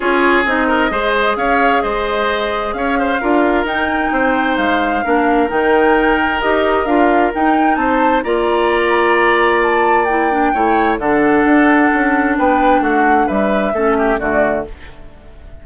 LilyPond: <<
  \new Staff \with { instrumentName = "flute" } { \time 4/4 \tempo 4 = 131 cis''4 dis''2 f''4 | dis''2 f''2 | g''2 f''2 | g''2 dis''4 f''4 |
g''4 a''4 ais''2~ | ais''4 a''4 g''2 | fis''2. g''4 | fis''4 e''2 d''4 | }
  \new Staff \with { instrumentName = "oboe" } { \time 4/4 gis'4. ais'8 c''4 cis''4 | c''2 cis''8 c''8 ais'4~ | ais'4 c''2 ais'4~ | ais'1~ |
ais'4 c''4 d''2~ | d''2. cis''4 | a'2. b'4 | fis'4 b'4 a'8 g'8 fis'4 | }
  \new Staff \with { instrumentName = "clarinet" } { \time 4/4 f'4 dis'4 gis'2~ | gis'2. f'4 | dis'2. d'4 | dis'2 g'4 f'4 |
dis'2 f'2~ | f'2 e'8 d'8 e'4 | d'1~ | d'2 cis'4 a4 | }
  \new Staff \with { instrumentName = "bassoon" } { \time 4/4 cis'4 c'4 gis4 cis'4 | gis2 cis'4 d'4 | dis'4 c'4 gis4 ais4 | dis2 dis'4 d'4 |
dis'4 c'4 ais2~ | ais2. a4 | d4 d'4 cis'4 b4 | a4 g4 a4 d4 | }
>>